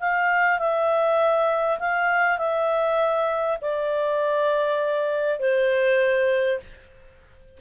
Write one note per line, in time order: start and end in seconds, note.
0.00 0.58 F5
0.58 1.78 E5
1.79 2.38 F5
2.38 3.58 E5
3.61 5.39 D5
5.39 6.59 C5